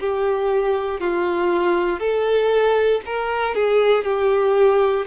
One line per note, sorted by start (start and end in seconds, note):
0.00 1.01 G4
1.01 2.00 F4
2.00 3.01 A4
3.06 3.55 A#4
3.55 4.04 G#4
4.04 5.06 G4